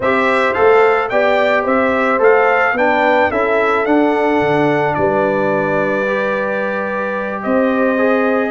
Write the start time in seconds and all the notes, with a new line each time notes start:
0.00 C4 G4 C5 E5
0.53 A3 A4 F5
1.09 B3 G4 D5 G5
1.62 C4 C5 E5
2.19 A3 A4 F5
2.72 B3 D4 B4 G5
3.30 C#4 E4 A4 E5
3.85 D4 F#5
4.40 D3
4.94 G3 B4 D5
6.06 G4
7.43 C4 C5 D#5
7.98 G#4